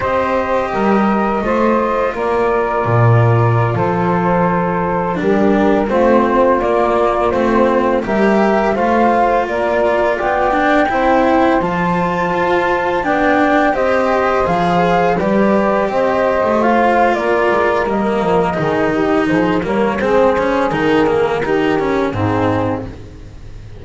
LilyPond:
<<
  \new Staff \with { instrumentName = "flute" } { \time 4/4 \tempo 4 = 84 dis''2. d''4~ | d''4~ d''16 c''2 ais'8.~ | ais'16 c''4 d''4 c''4 e''8.~ | e''16 f''4 d''4 g''4.~ g''16~ |
g''16 a''2 g''4 dis''8.~ | dis''16 f''4 d''4 dis''4 f''8. | d''4 dis''2 c''8 cis''8 | c''4 ais'2 gis'4 | }
  \new Staff \with { instrumentName = "saxophone" } { \time 4/4 c''4 ais'4 c''4 ais'4~ | ais'4~ ais'16 a'2 g'8.~ | g'16 f'2. ais'8.~ | ais'16 c''4 ais'4 d''4 c''8.~ |
c''2~ c''16 d''4 c''8.~ | c''4~ c''16 b'4 c''4.~ c''16 | ais'2 gis'8 g'8 gis'8 ais'8 | gis'2 g'4 dis'4 | }
  \new Staff \with { instrumentName = "cello" } { \time 4/4 g'2 f'2~ | f'2.~ f'16 d'8.~ | d'16 c'4 ais4 c'4 g'8.~ | g'16 f'2~ f'8 d'8 e'8.~ |
e'16 f'2 d'4 g'8.~ | g'16 gis'4 g'2 f'8.~ | f'4 ais4 dis'4. ais8 | c'8 cis'8 dis'8 ais8 dis'8 cis'8 c'4 | }
  \new Staff \with { instrumentName = "double bass" } { \time 4/4 c'4 g4 a4 ais4 | ais,4~ ais,16 f2 g8.~ | g16 a4 ais4 a4 g8.~ | g16 a4 ais4 b4 c'8.~ |
c'16 f4 f'4 b4 c'8.~ | c'16 f4 g4 c'8. a4 | ais8 gis8 g8 f8 dis4 f8 g8 | gis4 dis2 gis,4 | }
>>